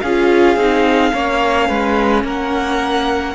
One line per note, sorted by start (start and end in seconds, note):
0.00 0.56 C#4
0.00 1.13 G#4
0.00 2.22 F5
0.06 0.58 F4
0.56 1.12 C4
0.56 1.13 D#4
1.13 1.69 A#3
1.13 3.34 C#4
1.13 1.68 C#5
1.68 2.24 G#3
1.68 2.24 B4
2.24 3.34 A#3
2.24 3.34 A#4
2.24 3.34 F#5